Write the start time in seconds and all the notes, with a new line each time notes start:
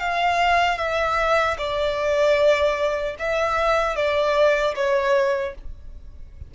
0.00 F5
0.78 E5
1.58 D5
3.19 E5
3.96 D5
4.76 C#5